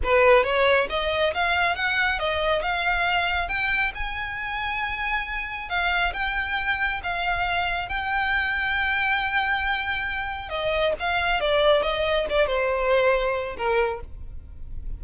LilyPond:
\new Staff \with { instrumentName = "violin" } { \time 4/4 \tempo 4 = 137 b'4 cis''4 dis''4 f''4 | fis''4 dis''4 f''2 | g''4 gis''2.~ | gis''4 f''4 g''2 |
f''2 g''2~ | g''1 | dis''4 f''4 d''4 dis''4 | d''8 c''2~ c''8 ais'4 | }